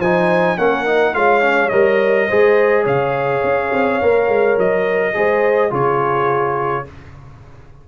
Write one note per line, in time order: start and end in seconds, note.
0.00 0.57 F3
0.00 0.58 D#4
0.00 0.57 C5
0.00 0.58 G#5
0.58 1.14 A#3
0.58 0.86 C#4
0.58 1.15 A#4
0.58 1.15 F#5
0.86 1.15 D#4
1.14 1.71 G#3
1.14 1.42 F4
1.14 2.29 C#5
1.14 1.70 F5
1.42 1.71 C#4
1.70 2.29 G3
1.70 2.30 A#4
1.70 2.84 D#5
2.29 2.86 G#3
2.29 4.02 G#4
2.29 2.84 C5
2.84 3.43 C#3
2.84 5.12 C#5
2.84 4.59 F5
3.44 3.72 C#4
3.73 4.01 C4
4.02 4.29 A#3
4.02 5.14 A#4
4.29 4.57 G#3
4.58 5.15 F#3
4.58 5.74 D#5
5.14 5.72 G#3
5.14 5.71 G#4
5.14 5.71 C5
5.71 6.86 C#3
5.71 6.85 F4
5.71 6.85 G#4
5.71 6.89 C#5